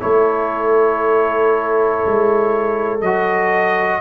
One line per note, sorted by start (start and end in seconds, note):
0.00 2.04 A3
0.00 3.00 E4
0.00 4.01 A4
0.00 3.01 C#5
2.06 3.02 G#3
3.01 4.01 F#3
3.01 4.01 F#4
3.01 4.01 D#5